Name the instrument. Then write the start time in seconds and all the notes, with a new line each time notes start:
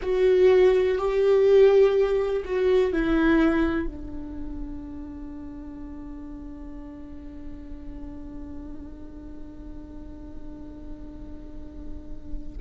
viola
0.02 F#4
0.98 G4
2.45 F#4
2.93 E4
3.86 D4